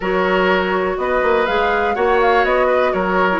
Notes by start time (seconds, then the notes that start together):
0.00 F#3 F#4 A#4 C#5
0.97 B3 B4 D#5
1.22 A#3
1.46 G#3 G#4 F5
1.94 A#3 F#4 C#5 F#5
2.21 F5
2.44 B3 D#5
2.66 B4
2.93 F#3 A#4 C#5
3.31 E4